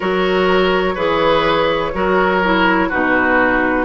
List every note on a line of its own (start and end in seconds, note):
0.00 0.96 F#3
0.00 0.95 F#4
0.00 0.95 A#4
0.00 2.89 C#5
0.95 1.93 E3
0.95 1.93 G#4
0.95 1.91 B4
1.93 2.91 F#3
1.93 2.42 F#4
1.93 2.88 A#4
2.43 2.91 E4
2.88 3.84 B2
2.88 3.84 D#4
2.88 3.84 F#4
2.88 3.84 B4